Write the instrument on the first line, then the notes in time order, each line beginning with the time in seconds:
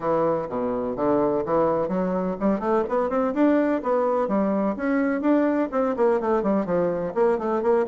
bassoon
0.00 E3
0.49 B2
0.95 D3
1.45 E3
1.88 F#3
2.40 G3
2.59 A3
2.89 B3
3.09 C4
3.34 D4
3.82 B3
4.28 G3
4.76 C#4
5.21 D4
5.71 C4
5.96 A#3
6.20 A3
6.42 G3
6.65 F3
7.14 A#3
7.38 A3
7.62 A#3